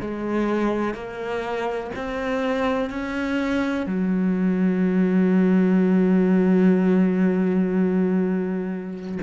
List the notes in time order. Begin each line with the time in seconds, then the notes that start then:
0.00 G#3
0.94 A#3
1.95 C4
2.89 C#4
3.86 F#3